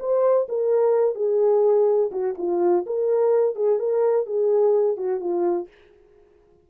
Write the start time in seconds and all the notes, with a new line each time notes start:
0.00 C5
0.49 A#4
1.15 G#4
2.11 F#4
2.38 F4
2.86 A#4
3.55 G#4
3.79 A#4
4.26 G#4
4.97 F#4
5.20 F4